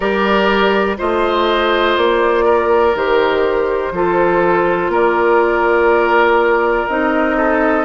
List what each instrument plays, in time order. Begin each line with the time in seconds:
0.00 bassoon G3, clarinet G4, oboe A#4, flute D5
0.97 bassoon A3, clarinet F4, oboe C5, flute D#5
1.97 bassoon A#3, flute D5
2.44 oboe A#4
2.94 bassoon D#3, clarinet G4, flute C5
3.91 bassoon F3, clarinet F4, oboe A4
4.88 bassoon A#3, oboe A#4, flute D5
6.87 bassoon C4, clarinet D#4, flute D#5
7.36 oboe A4